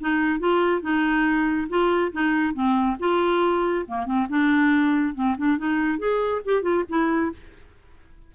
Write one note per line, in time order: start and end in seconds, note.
0.00 0.39 D#4
0.39 0.81 F4
0.81 1.68 D#4
1.69 2.12 F4
2.12 2.54 D#4
2.54 2.97 C4
2.99 3.86 F4
3.88 4.06 A#3
4.06 4.27 C4
4.29 5.15 D4
5.15 5.36 C4
5.38 5.58 D4
5.58 5.99 D#4
5.99 6.42 G#4
6.45 6.62 G4
6.62 6.84 F4
6.89 7.32 E4